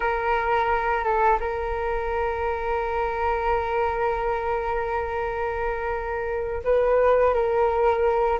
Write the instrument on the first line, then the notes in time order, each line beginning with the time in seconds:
flute
0.00 A#4
1.04 A4
1.40 A#4
6.64 B4
7.34 A#4